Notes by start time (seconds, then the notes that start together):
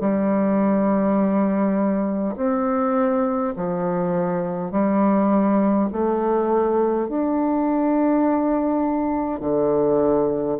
0.00 G3
2.36 C4
3.56 F3
4.71 G3
5.93 A3
7.09 D4
9.40 D3